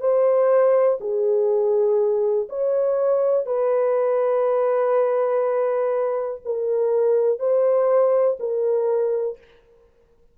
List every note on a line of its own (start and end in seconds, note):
0.00 0.98 C5
1.00 2.48 G#4
2.49 3.46 C#5
3.46 6.41 B4
6.44 7.39 A#4
7.39 8.37 C5
8.39 9.38 A#4